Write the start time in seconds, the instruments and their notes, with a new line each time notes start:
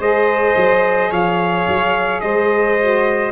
0.00 tuba G#3, saxophone G#4, violin C5, trumpet D#5
0.56 tuba F#3
1.11 tuba F3, violin C#5, trumpet F5
1.68 tuba F#3
2.21 tuba G#3, violin C5, trumpet D#5
2.80 saxophone F#4